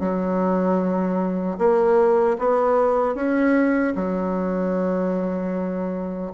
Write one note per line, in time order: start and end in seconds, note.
0.00 1.58 F#3
1.58 2.37 A#3
2.39 3.15 B3
3.15 3.94 C#4
3.95 6.32 F#3